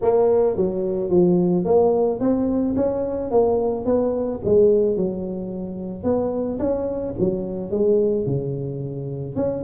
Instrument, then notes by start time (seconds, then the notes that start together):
tuba
0.01 A#3
0.56 F#3
1.09 F3
1.65 A#3
2.20 C4
2.75 C#4
3.31 A#3
3.85 B3
4.44 G#3
4.96 F#3
6.03 B3
6.59 C#4
7.19 F#3
7.70 G#3
8.26 C#3
9.36 C#4